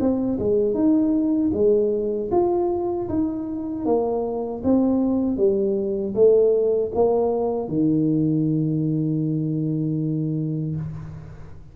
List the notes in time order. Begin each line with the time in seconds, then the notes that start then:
0.00 C4
0.39 G#3
0.74 D#4
1.53 G#3
2.31 F4
3.09 D#4
3.85 A#3
4.64 C4
5.37 G3
6.14 A3
6.95 A#3
7.68 D#3